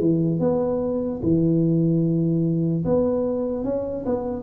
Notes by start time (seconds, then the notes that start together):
0.00 E3
0.40 B3
1.22 E3
2.85 B3
3.65 C#4
4.06 B3